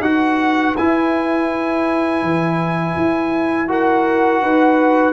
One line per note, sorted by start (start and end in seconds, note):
0.00 0.73 D#4
0.00 0.76 F#4
0.00 3.69 B4
0.00 0.75 F#5
0.76 2.22 E4
0.76 3.68 E4
0.76 3.69 G#5
2.22 2.95 E3
2.96 4.41 E4
3.68 5.12 F#4
3.68 4.41 A#4
3.68 5.12 F#5
4.41 5.12 D#4
4.41 5.12 B4